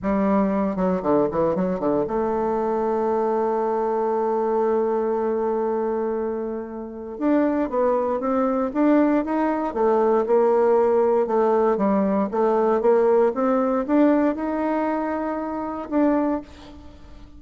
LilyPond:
\new Staff \with { instrumentName = "bassoon" } { \time 4/4 \tempo 4 = 117 g4. fis8 d8 e8 fis8 d8 | a1~ | a1~ | a2 d'4 b4 |
c'4 d'4 dis'4 a4 | ais2 a4 g4 | a4 ais4 c'4 d'4 | dis'2. d'4 | }